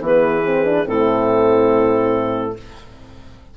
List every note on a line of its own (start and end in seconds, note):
0.00 0.85 E3
0.00 0.43 B3
0.00 0.88 G#4
0.00 0.87 B4
0.45 0.65 C4
0.65 0.84 D4
0.84 2.55 A2
0.84 2.53 C4
0.84 2.57 E4
0.84 2.56 A4